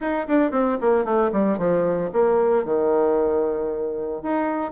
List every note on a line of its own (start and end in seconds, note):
0.00 0.27 D#4
0.27 0.51 D4
0.51 0.77 C4
0.80 1.04 A#3
1.04 1.31 A3
1.32 1.57 G3
1.57 2.10 F3
2.12 2.65 A#3
2.65 4.22 D#3
4.22 4.71 D#4